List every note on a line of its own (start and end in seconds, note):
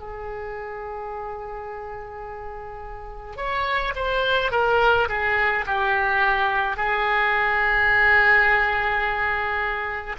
0.00 3.37 G#4
3.37 3.94 C#5
3.95 4.51 C5
4.51 5.08 A#4
5.08 5.65 G#4
5.67 6.77 G4
6.77 10.16 G#4